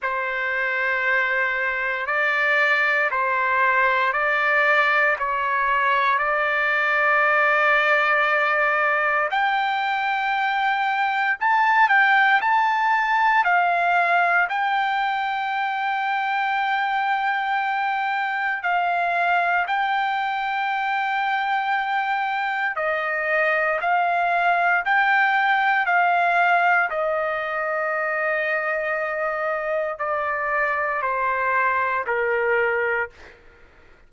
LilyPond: \new Staff \with { instrumentName = "trumpet" } { \time 4/4 \tempo 4 = 58 c''2 d''4 c''4 | d''4 cis''4 d''2~ | d''4 g''2 a''8 g''8 | a''4 f''4 g''2~ |
g''2 f''4 g''4~ | g''2 dis''4 f''4 | g''4 f''4 dis''2~ | dis''4 d''4 c''4 ais'4 | }